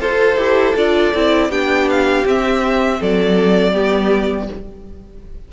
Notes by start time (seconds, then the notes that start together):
0.00 F4 A4 C5
0.37 E4 G4
0.76 D4 F4 D5
1.14 C4 E4
1.49 B3 D4 G4 G5
1.89 F5
2.25 C4 E5
3.00 F#3 A4 D5
3.72 G3 B3 G4